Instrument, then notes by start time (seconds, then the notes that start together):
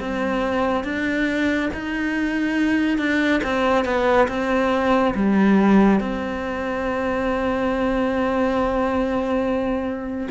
cello
0.00 C4
0.84 D4
1.74 D#4
2.98 D4
3.44 C4
3.85 B3
4.28 C4
5.15 G3
6.00 C4